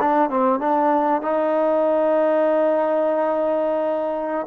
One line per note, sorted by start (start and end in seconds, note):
0.00 0.30 D4
0.30 0.60 C4
0.60 1.22 D4
1.22 4.47 D#4